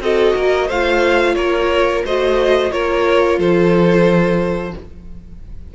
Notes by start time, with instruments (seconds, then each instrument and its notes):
0.00 cello C4, viola F#4, violin A4 D#5
0.36 cello A#3, violin A#4
0.67 cello A3, viola F4, violin C5 F5
1.35 cello A#3, violin A#4 C#5
2.05 cello A3, viola F#4, violin C5 D#5
2.71 cello A#3, viola F4, violin A#4 C#5
3.39 cello F3, violin A4 C5